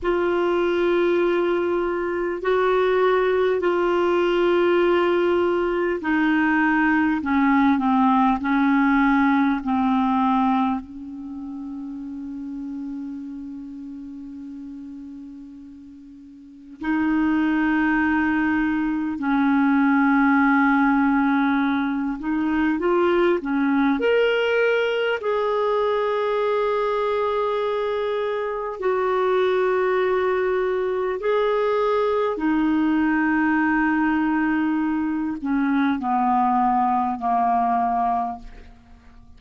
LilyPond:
\new Staff \with { instrumentName = "clarinet" } { \time 4/4 \tempo 4 = 50 f'2 fis'4 f'4~ | f'4 dis'4 cis'8 c'8 cis'4 | c'4 cis'2.~ | cis'2 dis'2 |
cis'2~ cis'8 dis'8 f'8 cis'8 | ais'4 gis'2. | fis'2 gis'4 dis'4~ | dis'4. cis'8 b4 ais4 | }